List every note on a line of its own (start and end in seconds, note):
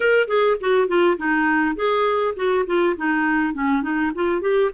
0.00 0.27 A#4
0.27 0.56 G#4
0.60 0.87 F#4
0.87 1.17 F4
1.17 1.75 D#4
1.75 2.34 G#4
2.35 2.65 F#4
2.66 2.95 F4
2.97 3.54 D#4
3.54 3.82 C#4
3.82 4.11 D#4
4.15 4.41 F4
4.41 4.70 G4